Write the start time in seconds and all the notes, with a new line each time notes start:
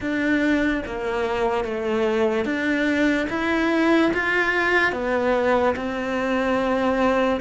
0.00 D4
0.86 A#3
1.64 A3
2.45 D4
3.29 E4
4.13 F4
4.92 B3
5.75 C4